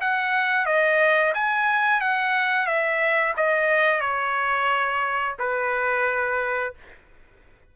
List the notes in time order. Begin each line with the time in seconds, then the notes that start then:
0.00 F#5
0.65 D#5
1.34 G#5
2.00 F#5
2.66 E5
3.36 D#5
4.00 C#5
5.39 B4